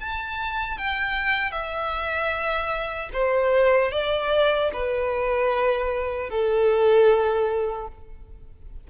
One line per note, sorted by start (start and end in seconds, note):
0.00 0.78 A5
0.78 1.52 G5
1.52 3.10 E5
3.13 3.92 C5
3.92 4.71 D5
4.73 6.30 B4
6.30 7.88 A4